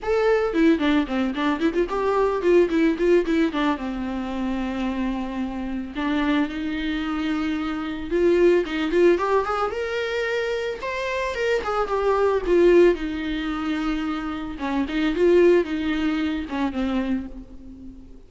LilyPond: \new Staff \with { instrumentName = "viola" } { \time 4/4 \tempo 4 = 111 a'4 e'8 d'8 c'8 d'8 e'16 f'16 g'8~ | g'8 f'8 e'8 f'8 e'8 d'8 c'4~ | c'2. d'4 | dis'2. f'4 |
dis'8 f'8 g'8 gis'8 ais'2 | c''4 ais'8 gis'8 g'4 f'4 | dis'2. cis'8 dis'8 | f'4 dis'4. cis'8 c'4 | }